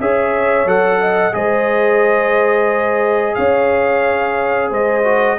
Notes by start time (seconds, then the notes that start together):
0.00 C#4 G#4 C#5 E5
0.65 F#3 A4 F#5
1.01 D#5
1.32 G#3 G#4 C5 D#5
3.35 C#4 C#5 F5
4.70 G#3 C5 D#5
5.04 F#4